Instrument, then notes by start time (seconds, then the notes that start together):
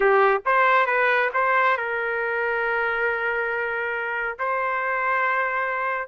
trumpet
0.00 G4
0.45 C5
0.86 B4
1.33 C5
1.77 A#4
4.38 C5